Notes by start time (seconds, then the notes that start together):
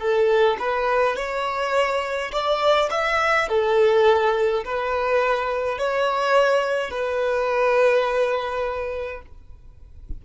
0.00 A4
0.59 B4
1.16 C#5
2.32 D5
2.91 E5
3.49 A4
4.65 B4
5.78 C#5
6.91 B4